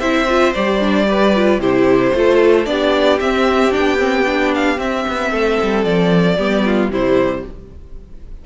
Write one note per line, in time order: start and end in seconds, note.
0.00 0.54 C4
0.00 0.28 E4
0.00 1.06 C5
0.00 0.53 E5
0.29 0.55 F4
0.54 1.58 G3
0.54 0.80 G4
0.54 1.61 D5
0.80 1.07 D4
1.07 1.34 G4
1.07 1.61 B4
1.36 1.61 F4
1.58 2.12 C3
1.58 2.14 E4
1.58 2.14 G4
1.58 2.66 C5
2.14 2.67 A3
2.14 2.66 F4
2.14 2.70 A4
2.66 3.20 B3
2.66 3.19 D4
2.66 5.31 G4
2.66 3.19 D5
3.20 3.74 C4
3.20 3.71 C4
3.20 3.73 E5
3.71 3.97 D4
3.71 4.54 G5
3.78 4.78 B3
3.97 4.24 C4
4.26 4.77 D4
4.55 4.80 F5
4.77 6.36 C4
4.77 5.05 C4
4.77 5.84 E5
5.09 5.32 B3
5.31 5.59 A3
5.31 6.37 A4
5.63 5.85 G3
5.84 6.38 F3
5.84 6.90 D5
6.37 6.90 G3
6.37 6.92 B3
6.37 6.64 G4
6.66 6.92 F4
6.90 7.43 C3
6.90 7.45 G3
6.90 7.45 E4
6.90 7.46 C5